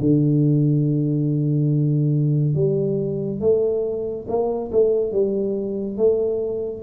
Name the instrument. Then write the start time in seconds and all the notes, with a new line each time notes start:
tuba
0.00 D3
2.55 G3
3.41 A3
4.28 A#3
4.72 A3
5.12 G3
5.97 A3